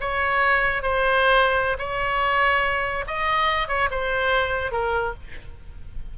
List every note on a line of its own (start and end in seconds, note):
0.00 0.82 C#5
0.82 1.77 C5
1.78 3.05 C#5
3.07 3.68 D#5
3.68 3.89 C#5
3.91 4.71 C5
4.71 5.13 A#4